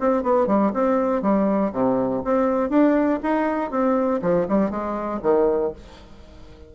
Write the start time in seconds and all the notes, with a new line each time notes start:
0.00 C4
0.23 B3
0.47 G3
0.73 C4
1.22 G3
1.72 C3
2.24 C4
2.70 D4
3.23 D#4
3.71 C4
4.22 F3
4.48 G3
4.70 G#3
5.22 D#3